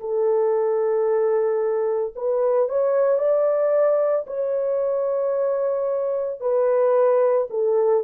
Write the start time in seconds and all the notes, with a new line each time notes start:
0.00 A4
2.16 B4
2.68 C#5
3.19 D5
4.27 C#5
6.40 B4
7.50 A4